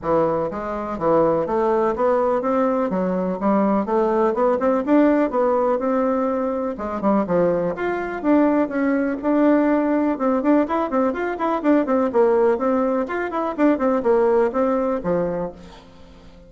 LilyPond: \new Staff \with { instrumentName = "bassoon" } { \time 4/4 \tempo 4 = 124 e4 gis4 e4 a4 | b4 c'4 fis4 g4 | a4 b8 c'8 d'4 b4 | c'2 gis8 g8 f4 |
f'4 d'4 cis'4 d'4~ | d'4 c'8 d'8 e'8 c'8 f'8 e'8 | d'8 c'8 ais4 c'4 f'8 e'8 | d'8 c'8 ais4 c'4 f4 | }